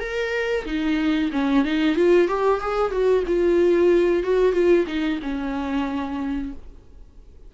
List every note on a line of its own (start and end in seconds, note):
0.00 0.65 A#4
0.66 1.31 D#4
1.32 1.65 C#4
1.65 1.96 D#4
1.96 2.28 F4
2.28 2.61 G4
2.61 2.91 G#4
2.91 3.24 F#4
3.27 4.23 F4
4.23 4.53 F#4
4.53 4.85 F4
4.87 5.20 D#4
5.22 6.52 C#4